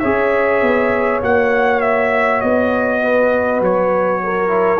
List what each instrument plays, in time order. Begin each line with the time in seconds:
0.00 tuba C#4, trombone G#4, horn C#5, trumpet E5
0.62 tuba B3
1.22 tuba A#3, trombone F#4, trumpet F#5
1.81 trumpet E5
2.41 tuba B3, trumpet D#5
3.02 horn B4
3.61 tuba F#3, trumpet C#5
4.24 horn A#4
4.49 trombone E4